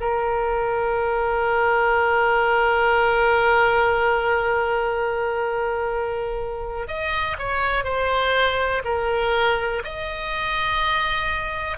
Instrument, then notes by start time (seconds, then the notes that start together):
oboe
0.00 A#4
6.87 D#5
7.38 C#5
7.84 C5
8.84 A#4
9.84 D#5